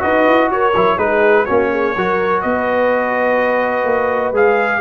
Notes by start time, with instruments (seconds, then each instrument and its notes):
0.00 tuba D#4, trombone F#4, horn B4, trumpet D#5
0.27 tuba E4
0.50 tuba F#4, horn A#4, trumpet C#5
0.76 tuba F#3, trombone E4
0.97 tuba G#3, trombone D#4, horn G#4, trumpet B4
1.46 tuba A#3, trombone C#4, horn F#4, trumpet C#5
1.71 horn G#4
1.96 tuba F#3, trombone F#4, horn A#4
2.42 tuba B3, horn B4, trumpet D#5
3.85 tuba A#3
4.33 tuba G#3, trombone G#4, trumpet F5